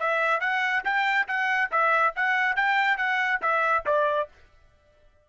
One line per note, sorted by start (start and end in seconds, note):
0.00 0.41 E5
0.41 0.84 F#5
0.85 1.28 G5
1.28 1.71 F#5
1.72 2.14 E5
2.16 2.56 F#5
2.56 2.98 G5
2.98 3.41 F#5
3.42 3.85 E5
3.86 4.29 D5